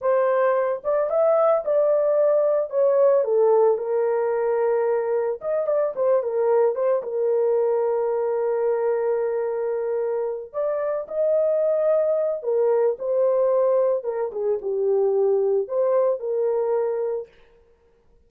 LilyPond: \new Staff \with { instrumentName = "horn" } { \time 4/4 \tempo 4 = 111 c''4. d''8 e''4 d''4~ | d''4 cis''4 a'4 ais'4~ | ais'2 dis''8 d''8 c''8 ais'8~ | ais'8 c''8 ais'2.~ |
ais'2.~ ais'8 d''8~ | d''8 dis''2~ dis''8 ais'4 | c''2 ais'8 gis'8 g'4~ | g'4 c''4 ais'2 | }